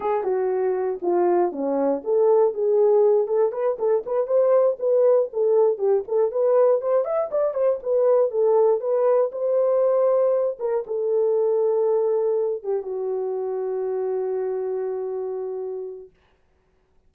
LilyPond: \new Staff \with { instrumentName = "horn" } { \time 4/4 \tempo 4 = 119 gis'8 fis'4. f'4 cis'4 | a'4 gis'4. a'8 b'8 a'8 | b'8 c''4 b'4 a'4 g'8 | a'8 b'4 c''8 e''8 d''8 c''8 b'8~ |
b'8 a'4 b'4 c''4.~ | c''4 ais'8 a'2~ a'8~ | a'4 g'8 fis'2~ fis'8~ | fis'1 | }